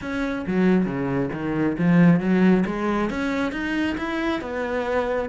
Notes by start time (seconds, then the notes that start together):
0.01 C#4
0.47 F#3
0.85 C#3
1.32 D#3
1.78 F3
2.20 F#3
2.66 G#3
3.10 C#4
3.52 D#4
3.97 E4
4.41 B3